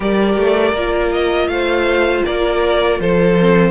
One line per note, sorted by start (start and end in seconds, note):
0.00 0.37 G3
0.00 0.74 G4
0.00 1.48 A#4
0.00 1.12 D5
0.37 0.72 A3
0.72 1.47 A#3
0.72 3.39 F4
1.12 1.48 D#5
1.47 2.22 A3
1.47 2.26 C5
1.47 2.23 F5
2.25 2.99 A#3
2.25 3.01 A#4
2.25 3.00 D5
2.99 3.71 F3
2.99 3.71 A4
2.99 3.71 C5
3.39 3.71 C4